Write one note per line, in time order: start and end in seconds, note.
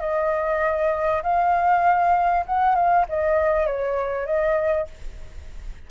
0.00 1.22 D#5
1.23 2.45 F5
2.46 2.75 F#5
2.75 3.06 F5
3.09 3.67 D#5
3.67 4.26 C#5
4.26 4.87 D#5